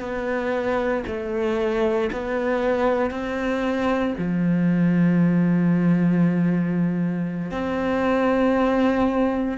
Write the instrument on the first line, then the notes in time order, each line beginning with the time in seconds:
cello
0.00 B3
1.07 A3
2.12 B3
3.11 C4
4.18 F3
7.51 C4